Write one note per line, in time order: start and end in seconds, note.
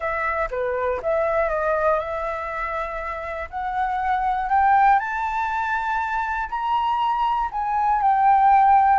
0.00 0.48 E5
0.50 1.00 B4
1.02 1.49 E5
1.49 1.99 D#5
1.99 3.49 E5
3.50 4.49 F#5
4.49 4.99 G5
4.99 6.49 A5
6.49 7.49 A#5
7.51 8.01 G#5
8.01 8.99 G5